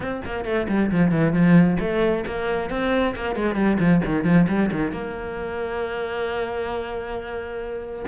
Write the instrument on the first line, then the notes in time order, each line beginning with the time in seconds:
cello
0.00 C4
0.25 A#3
0.44 A3
0.68 G3
0.91 F3
1.11 E3
1.32 F3
1.80 A3
2.26 A#3
2.70 C4
3.15 A#3
3.35 G#3
3.55 G3
3.79 F3
4.05 D#3
4.23 F3
4.48 G3
4.71 D#3
4.91 A#3